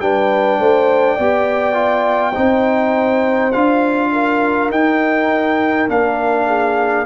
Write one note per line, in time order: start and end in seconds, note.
0.00 0.59 G3
0.00 1.19 D4
0.00 0.60 B4
0.00 3.52 G5
0.59 1.18 A3
0.59 1.15 C5
1.15 2.37 B3
1.15 1.74 G4
1.15 2.33 D5
1.74 2.33 F4
2.34 3.54 C4
2.34 3.52 D#4
2.34 4.11 C5
3.52 4.70 D4
3.52 4.71 F4
3.52 4.70 F5
4.12 6.47 A#4
4.70 5.88 D#4
4.70 5.89 D#4
4.70 5.89 G5
5.89 7.06 A#3
5.89 7.06 D4
5.89 7.06 F5
6.47 7.05 G#4